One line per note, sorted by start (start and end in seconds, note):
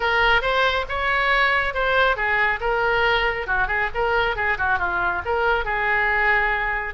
0.00 0.41 A#4
0.41 0.85 C5
0.88 1.74 C#5
1.74 2.16 C5
2.16 2.59 G#4
2.60 3.47 A#4
3.47 3.67 F#4
3.67 3.89 G#4
3.94 4.36 A#4
4.36 4.57 G#4
4.58 4.78 F#4
4.78 5.22 F4
5.25 5.64 A#4
5.64 6.94 G#4